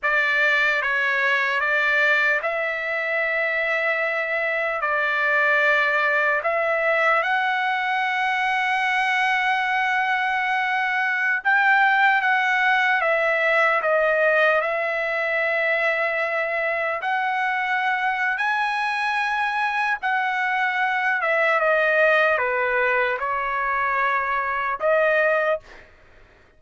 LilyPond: \new Staff \with { instrumentName = "trumpet" } { \time 4/4 \tempo 4 = 75 d''4 cis''4 d''4 e''4~ | e''2 d''2 | e''4 fis''2.~ | fis''2~ fis''16 g''4 fis''8.~ |
fis''16 e''4 dis''4 e''4.~ e''16~ | e''4~ e''16 fis''4.~ fis''16 gis''4~ | gis''4 fis''4. e''8 dis''4 | b'4 cis''2 dis''4 | }